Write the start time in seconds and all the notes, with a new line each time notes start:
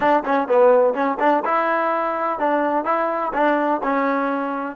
0.00 D4
0.25 C#4
0.48 B3
0.94 C#4
1.19 D4
1.44 E4
2.39 D4
2.84 E4
3.33 D4
3.83 C#4